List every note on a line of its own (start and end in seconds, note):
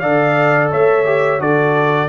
0.00 0.72 D3
0.00 1.06 A4
0.00 0.72 D5
0.00 0.69 F5
0.72 1.40 A3
0.72 1.41 C#5
0.72 1.41 E5
1.06 1.40 G4
1.40 2.09 D3
1.40 2.09 F#4
1.40 2.09 A4
1.40 2.09 D5